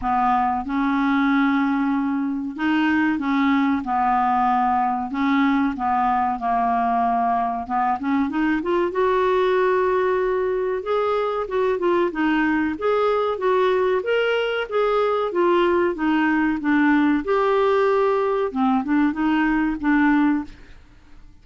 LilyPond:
\new Staff \with { instrumentName = "clarinet" } { \time 4/4 \tempo 4 = 94 b4 cis'2. | dis'4 cis'4 b2 | cis'4 b4 ais2 | b8 cis'8 dis'8 f'8 fis'2~ |
fis'4 gis'4 fis'8 f'8 dis'4 | gis'4 fis'4 ais'4 gis'4 | f'4 dis'4 d'4 g'4~ | g'4 c'8 d'8 dis'4 d'4 | }